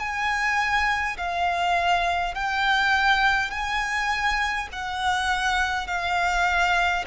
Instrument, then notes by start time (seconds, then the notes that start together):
violin
0.00 G#5
1.18 F5
2.35 G5
3.51 G#5
4.73 F#5
5.88 F5